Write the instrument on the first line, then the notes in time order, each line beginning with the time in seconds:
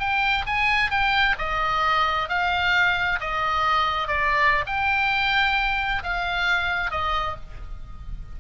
oboe
0.00 G5
0.47 G#5
0.91 G5
1.39 D#5
2.29 F5
3.21 D#5
4.08 D5
4.67 G5
6.04 F5
6.91 D#5